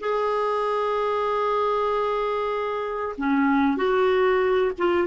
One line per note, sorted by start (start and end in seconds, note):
0.00 3.16 G#4
3.18 3.77 C#4
3.77 4.72 F#4
4.78 5.07 F4